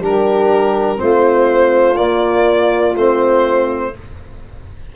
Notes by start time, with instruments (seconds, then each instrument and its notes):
0.00 tuba G3, trombone D4, saxophone G4, violin A#4
0.97 tuba A3, trombone C4, saxophone F4, violin C5
1.96 trombone A#3, tuba A#3, violin D5
2.95 tuba A3, trombone C4, violin C5